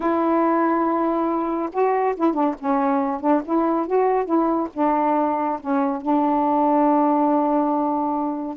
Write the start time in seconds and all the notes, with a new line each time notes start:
0.00 E4
1.72 F#4
2.16 E4
2.33 D4
2.59 C#4
3.20 D4
3.44 E4
3.86 F#4
4.25 E4
4.73 D4
5.59 C#4
6.01 D4